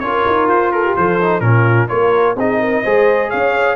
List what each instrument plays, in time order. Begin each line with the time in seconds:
0.00 tuba C#4, trombone F4, horn A#4, trumpet C#5
0.27 tuba D#4
0.48 tuba F4, trumpet C5
0.72 horn A4, trumpet A#4
0.85 horn G4
0.96 tuba F3, horn A4, trumpet C5
1.21 trombone D#4
1.40 tuba A#2, trombone C#4, horn F4, trumpet A#4
1.89 tuba A#3, trombone F4, horn A#4, trumpet C#5
2.36 tuba C4, trombone D#4, horn G#4, trumpet D#5
2.60 horn A#4
2.83 tuba G#3, trombone G#4, horn C5
3.29 tuba C#4, horn C#5, trumpet F5